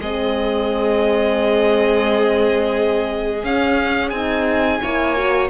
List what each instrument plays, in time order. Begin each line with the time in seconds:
0.00 cello G#3, horn C4, violin G#4 D#5
3.43 cello C#4, horn C#4, violin F5
4.10 cello C4, horn D#4, violin G#5
4.81 cello A#3, horn E4, violin C#5
5.16 horn F#4